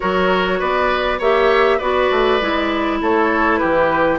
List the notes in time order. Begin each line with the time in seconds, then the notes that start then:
0.00 F#3 F#4 A#4 C#5
0.59 B3 B4 D5
1.19 A#3 G4 C#5 E5
1.78 B3 F#4 B4 D5
2.10 A3
2.41 G#3 E4
3.00 A3 A4 C#5
3.57 E3 G4 B4